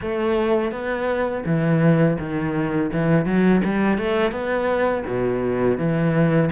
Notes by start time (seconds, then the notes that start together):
0.01 A3
0.71 B3
1.45 E3
2.19 D#3
2.92 E3
3.25 F#3
3.64 G3
3.98 A3
4.31 B3
5.06 B2
5.77 E3